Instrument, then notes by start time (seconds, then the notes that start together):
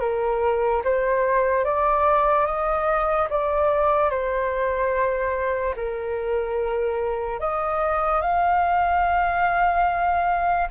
flute
0.00 A#4
0.84 C5
1.64 D5
2.45 D#5
3.29 D5
4.10 C5
5.76 A#4
7.39 D#5
8.21 F5